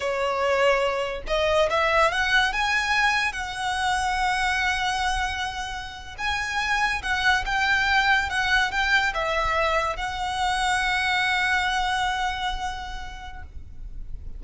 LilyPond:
\new Staff \with { instrumentName = "violin" } { \time 4/4 \tempo 4 = 143 cis''2. dis''4 | e''4 fis''4 gis''2 | fis''1~ | fis''2~ fis''8. gis''4~ gis''16~ |
gis''8. fis''4 g''2 fis''16~ | fis''8. g''4 e''2 fis''16~ | fis''1~ | fis''1 | }